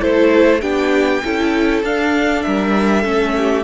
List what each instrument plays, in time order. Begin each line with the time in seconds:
0.00 cello A3, viola E4, violin A4 C5
0.61 cello B3, viola D4, violin G4 G5
1.24 cello C#4, viola E4, violin A4
1.83 cello D4, viola D4, violin F5
2.42 cello G3, violin A#4 E5
3.03 cello A3, viola C#4, violin A4
3.37 violin G4